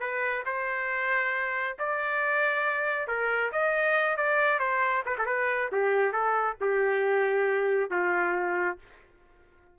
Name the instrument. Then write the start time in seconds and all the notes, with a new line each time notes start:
trumpet
0.00 B4
0.46 C5
1.79 D5
3.08 A#4
3.52 D#5
4.17 D5
4.60 C5
5.06 B4
5.18 A4
5.26 B4
5.72 G4
6.13 A4
6.61 G4
7.91 F4